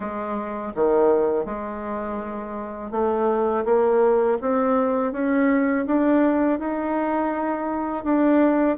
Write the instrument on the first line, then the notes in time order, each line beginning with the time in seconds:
bassoon
0.00 G#3
0.75 D#3
1.45 G#3
2.91 A3
3.65 A#3
4.41 C4
5.12 C#4
5.86 D4
6.59 D#4
8.04 D4